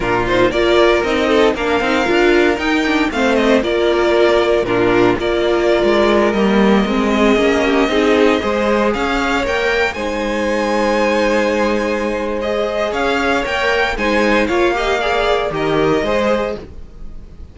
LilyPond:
<<
  \new Staff \with { instrumentName = "violin" } { \time 4/4 \tempo 4 = 116 ais'8 c''8 d''4 dis''4 f''4~ | f''4 g''4 f''8 dis''8 d''4~ | d''4 ais'4 d''2~ | d''16 dis''2.~ dis''8.~ |
dis''4~ dis''16 f''4 g''4 gis''8.~ | gis''1 | dis''4 f''4 g''4 gis''4 | f''2 dis''2 | }
  \new Staff \with { instrumentName = "violin" } { \time 4/4 f'4 ais'4. a'8 ais'4~ | ais'2 c''4 ais'4~ | ais'4 f'4 ais'2~ | ais'4.~ ais'16 gis'4 g'8 gis'8.~ |
gis'16 c''4 cis''2 c''8.~ | c''1~ | c''4 cis''2 c''4 | cis''8 dis''8 d''4 ais'4 c''4 | }
  \new Staff \with { instrumentName = "viola" } { \time 4/4 d'8 dis'8 f'4 dis'4 d'8 dis'8 | f'4 dis'8 d'8 c'4 f'4~ | f'4 d'4 f'2~ | f'16 ais4 c'4 cis'4 dis'8.~ |
dis'16 gis'2 ais'4 dis'8.~ | dis'1 | gis'2 ais'4 dis'4 | f'8 g'8 gis'4 g'4 gis'4 | }
  \new Staff \with { instrumentName = "cello" } { \time 4/4 ais,4 ais4 c'4 ais8 c'8 | d'4 dis'4 a4 ais4~ | ais4 ais,4 ais4~ ais16 gis8.~ | gis16 g4 gis4 ais4 c'8.~ |
c'16 gis4 cis'4 ais4 gis8.~ | gis1~ | gis4 cis'4 ais4 gis4 | ais2 dis4 gis4 | }
>>